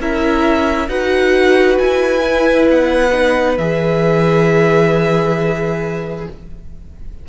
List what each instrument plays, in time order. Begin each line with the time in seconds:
0.00 cello C#4, viola E4, violin A#4 E5
0.88 cello D#4, viola F#4, violin B4 F#5
1.78 cello E4, violin G#5
2.21 viola E4
2.69 cello B3, violin F#5
3.12 viola D#4
3.57 cello E3, viola G#4, violin E5